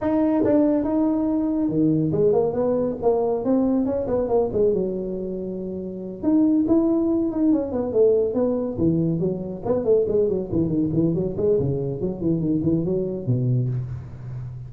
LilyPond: \new Staff \with { instrumentName = "tuba" } { \time 4/4 \tempo 4 = 140 dis'4 d'4 dis'2 | dis4 gis8 ais8 b4 ais4 | c'4 cis'8 b8 ais8 gis8 fis4~ | fis2~ fis8 dis'4 e'8~ |
e'4 dis'8 cis'8 b8 a4 b8~ | b8 e4 fis4 b8 a8 gis8 | fis8 e8 dis8 e8 fis8 gis8 cis4 | fis8 e8 dis8 e8 fis4 b,4 | }